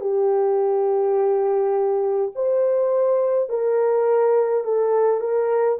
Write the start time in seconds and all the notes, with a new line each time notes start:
0.00 G4
2.35 C5
3.49 A#4
4.64 A4
5.20 A#4